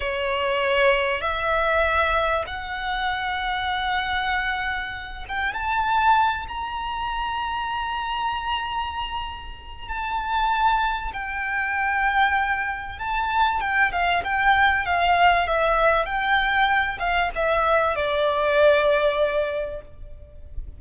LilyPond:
\new Staff \with { instrumentName = "violin" } { \time 4/4 \tempo 4 = 97 cis''2 e''2 | fis''1~ | fis''8 g''8 a''4. ais''4.~ | ais''1 |
a''2 g''2~ | g''4 a''4 g''8 f''8 g''4 | f''4 e''4 g''4. f''8 | e''4 d''2. | }